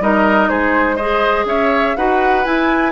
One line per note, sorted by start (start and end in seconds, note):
0.00 0.49 G3
0.00 0.98 D#4
0.00 0.49 A#4
0.00 0.49 D#5
0.49 1.45 G#3
0.49 0.96 G#4
0.49 0.97 C5
0.96 1.97 G#4
0.96 1.45 C5
0.96 1.45 D#5
1.45 1.93 C#4
1.45 1.97 C#5
1.45 1.96 E5
1.96 2.46 D#4
1.96 2.44 F#4
1.96 2.92 B4
1.96 2.44 F#5
2.44 2.92 E4
2.44 2.92 G#5